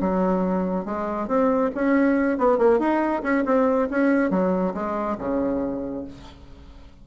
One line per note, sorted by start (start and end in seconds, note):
0.00 0.85 F#3
0.85 1.27 G#3
1.27 1.70 C4
1.74 2.38 C#4
2.38 2.57 B3
2.57 2.79 A#3
2.79 3.22 D#4
3.22 3.44 C#4
3.45 3.88 C4
3.90 4.30 C#4
4.30 4.73 F#3
4.74 5.17 G#3
5.18 6.04 C#3